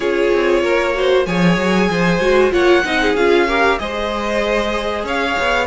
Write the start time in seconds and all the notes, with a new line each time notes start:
0.00 C#4 F4 G#4 C#5
0.33 C4
0.61 A#3 A#4
0.94 F#4 C5
1.25 F3 G#4 C#5 G#5
1.57 F#3
1.89 F3 C5
2.20 G#3 F#4
2.50 A#3 F4 C#5 F#5
2.83 C4 D#4 D#5
3.01 G#4
3.14 C#4 F4 F5
3.47 G4 A#4
3.78 G#3 G#4 C5 D#5
5.03 C#4 C#5 F5
5.39 B3